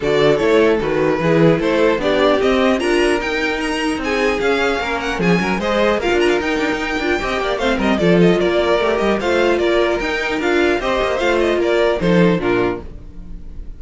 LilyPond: <<
  \new Staff \with { instrumentName = "violin" } { \time 4/4 \tempo 4 = 150 d''4 cis''4 b'2 | c''4 d''4 dis''4 ais''4 | g''4 ais''4 gis''4 f''4~ | f''8 fis''8 gis''4 dis''4 f''8 ais''16 f''16 |
g''2. f''8 dis''8 | d''8 dis''8 d''4. dis''8 f''4 | d''4 g''4 f''4 dis''4 | f''8 dis''8 d''4 c''4 ais'4 | }
  \new Staff \with { instrumentName = "violin" } { \time 4/4 a'2. gis'4 | a'4 g'2 ais'4~ | ais'2 gis'2 | ais'4 gis'8 ais'8 c''4 ais'4~ |
ais'2 dis''8 d''8 c''8 ais'8 | a'4 ais'2 c''4 | ais'2. c''4~ | c''4 ais'4 a'4 f'4 | }
  \new Staff \with { instrumentName = "viola" } { \time 4/4 fis'4 e'4 fis'4 e'4~ | e'4 d'4 c'4 f'4 | dis'2. cis'4~ | cis'2 gis'4 f'4 |
dis'4. f'8 g'4 c'4 | f'2 g'4 f'4~ | f'4 dis'4 f'4 g'4 | f'2 dis'4 d'4 | }
  \new Staff \with { instrumentName = "cello" } { \time 4/4 d4 a4 dis4 e4 | a4 b4 c'4 d'4 | dis'2 c'4 cis'4 | ais4 f8 fis8 gis4 ais16 d'8. |
dis'8 d'16 dis'8. d'8 c'8 ais8 a8 g8 | f4 ais4 a8 g8 a4 | ais4 dis'4 d'4 c'8 ais8 | a4 ais4 f4 ais,4 | }
>>